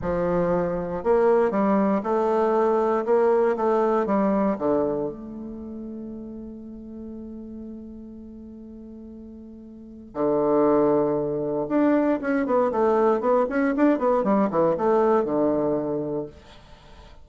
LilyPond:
\new Staff \with { instrumentName = "bassoon" } { \time 4/4 \tempo 4 = 118 f2 ais4 g4 | a2 ais4 a4 | g4 d4 a2~ | a1~ |
a1 | d2. d'4 | cis'8 b8 a4 b8 cis'8 d'8 b8 | g8 e8 a4 d2 | }